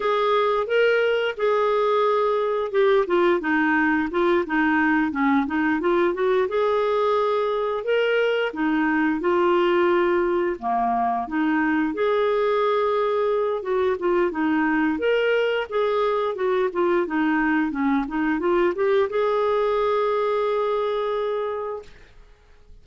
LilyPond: \new Staff \with { instrumentName = "clarinet" } { \time 4/4 \tempo 4 = 88 gis'4 ais'4 gis'2 | g'8 f'8 dis'4 f'8 dis'4 cis'8 | dis'8 f'8 fis'8 gis'2 ais'8~ | ais'8 dis'4 f'2 ais8~ |
ais8 dis'4 gis'2~ gis'8 | fis'8 f'8 dis'4 ais'4 gis'4 | fis'8 f'8 dis'4 cis'8 dis'8 f'8 g'8 | gis'1 | }